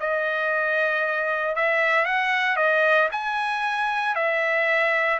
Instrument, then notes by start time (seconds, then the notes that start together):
trumpet
0.00 D#5
1.56 E5
2.05 F#5
2.57 D#5
3.12 G#5
4.15 E5